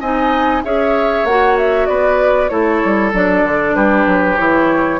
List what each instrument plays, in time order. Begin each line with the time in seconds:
0.00 bassoon C4, clarinet D#4, oboe D#5, flute G#5
0.64 bassoon C#4, clarinet G#4, oboe C#5, flute E5
1.24 bassoon A#3, clarinet F#4, flute F#5
1.58 flute E5
1.86 bassoon B3, oboe B4, flute D5
2.48 bassoon A3, clarinet E4, oboe A4, flute C#5
2.84 bassoon G3
3.13 bassoon F#3, clarinet D4, flute D5
3.43 bassoon D3
3.75 bassoon G3, oboe G4, flute B4
4.07 bassoon F#3
4.37 bassoon E3, clarinet E4, flute C#5